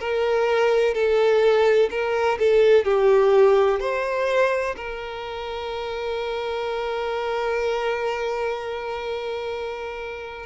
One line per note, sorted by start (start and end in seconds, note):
0.00 0.94 A#4
0.94 1.90 A4
1.90 2.38 A#4
2.39 2.85 A4
2.85 3.80 G4
3.80 4.75 C5
4.76 10.46 A#4